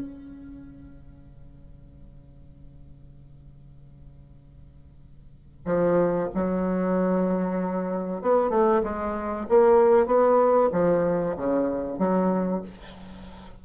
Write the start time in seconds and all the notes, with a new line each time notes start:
0.00 C#3
5.66 F3
6.35 F#3
8.22 B3
8.50 A3
8.84 G#3
9.49 A#3
10.07 B3
10.73 F3
11.37 C#3
11.99 F#3